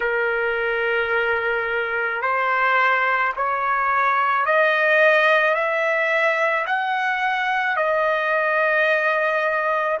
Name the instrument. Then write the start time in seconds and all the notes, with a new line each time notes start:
trumpet
0.00 A#4
2.21 C5
3.36 C#5
4.45 D#5
5.54 E5
6.66 F#5
7.76 D#5